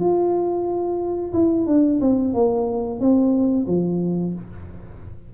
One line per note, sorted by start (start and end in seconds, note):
0.00 1.33 F4
1.34 1.67 E4
1.67 2.00 D4
2.02 2.34 C4
2.34 3.00 A#3
3.00 3.67 C4
3.67 4.34 F3